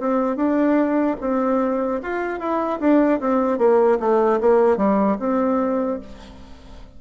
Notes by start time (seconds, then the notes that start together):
0.00 C4
0.36 D4
1.21 C4
2.03 F4
2.40 E4
2.80 D4
3.20 C4
3.59 A#3
4.00 A3
4.41 A#3
4.77 G3
5.20 C4